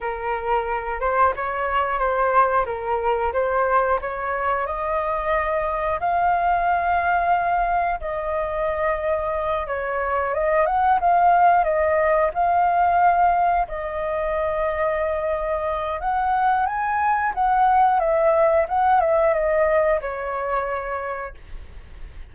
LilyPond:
\new Staff \with { instrumentName = "flute" } { \time 4/4 \tempo 4 = 90 ais'4. c''8 cis''4 c''4 | ais'4 c''4 cis''4 dis''4~ | dis''4 f''2. | dis''2~ dis''8 cis''4 dis''8 |
fis''8 f''4 dis''4 f''4.~ | f''8 dis''2.~ dis''8 | fis''4 gis''4 fis''4 e''4 | fis''8 e''8 dis''4 cis''2 | }